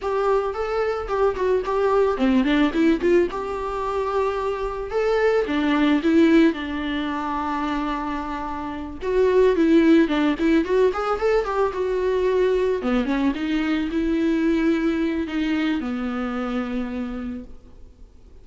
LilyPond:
\new Staff \with { instrumentName = "viola" } { \time 4/4 \tempo 4 = 110 g'4 a'4 g'8 fis'8 g'4 | c'8 d'8 e'8 f'8 g'2~ | g'4 a'4 d'4 e'4 | d'1~ |
d'8 fis'4 e'4 d'8 e'8 fis'8 | gis'8 a'8 g'8 fis'2 b8 | cis'8 dis'4 e'2~ e'8 | dis'4 b2. | }